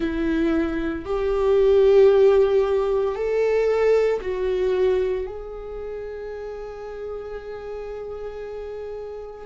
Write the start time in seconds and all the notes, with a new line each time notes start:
0.00 E4
1.05 G4
3.15 A4
4.21 F#4
5.26 G#4